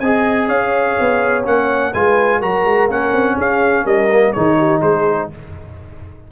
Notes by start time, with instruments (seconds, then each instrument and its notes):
0.00 tuba C4, trombone G#4, horn D#5, trumpet G#5
0.48 tuba C#4, horn C#5, trumpet F5
1.00 tuba B3
1.44 tuba A#3, trombone C#4, trumpet F#5
1.93 tuba G#3, trombone F4, horn B4, trumpet G#5
2.39 tuba F#3, trombone F#4, horn A#4, trumpet A#5
2.65 tuba G#3
2.89 tuba A#3, trombone C#4, trumpet F#5
3.13 tuba C4
3.38 tuba C#4, horn G#4, trumpet F5
3.83 tuba G3, horn A#4, trumpet D#5
4.12 trombone A#3
4.33 tuba D#3, trombone D#4, horn G#4, trumpet C#5
4.58 horn G4
4.81 tuba G#3, horn G#4, trumpet C5